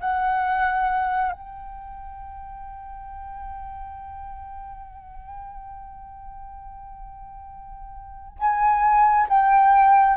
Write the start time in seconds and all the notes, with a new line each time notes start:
0.00 F#5
1.32 G5
8.39 G#5
9.29 G5